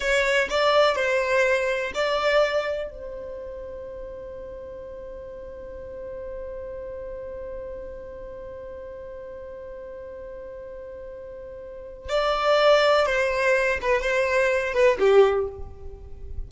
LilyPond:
\new Staff \with { instrumentName = "violin" } { \time 4/4 \tempo 4 = 124 cis''4 d''4 c''2 | d''2 c''2~ | c''1~ | c''1~ |
c''1~ | c''1~ | c''4 d''2 c''4~ | c''8 b'8 c''4. b'8 g'4 | }